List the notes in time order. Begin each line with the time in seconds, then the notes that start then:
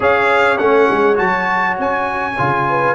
0.00 C#4 G#4 C#5 F5
0.58 A3 C#4 F#5
0.90 G#3
1.14 F#3 F#4 A5
1.78 C#4 G#5
2.38 C#3 F4
2.69 B4